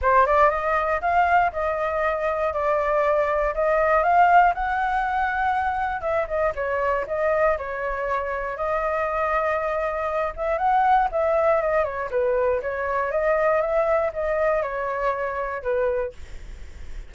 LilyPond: \new Staff \with { instrumentName = "flute" } { \time 4/4 \tempo 4 = 119 c''8 d''8 dis''4 f''4 dis''4~ | dis''4 d''2 dis''4 | f''4 fis''2. | e''8 dis''8 cis''4 dis''4 cis''4~ |
cis''4 dis''2.~ | dis''8 e''8 fis''4 e''4 dis''8 cis''8 | b'4 cis''4 dis''4 e''4 | dis''4 cis''2 b'4 | }